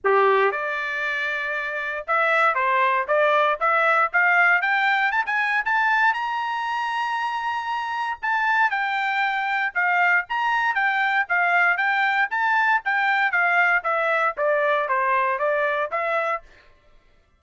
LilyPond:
\new Staff \with { instrumentName = "trumpet" } { \time 4/4 \tempo 4 = 117 g'4 d''2. | e''4 c''4 d''4 e''4 | f''4 g''4 a''16 gis''8. a''4 | ais''1 |
a''4 g''2 f''4 | ais''4 g''4 f''4 g''4 | a''4 g''4 f''4 e''4 | d''4 c''4 d''4 e''4 | }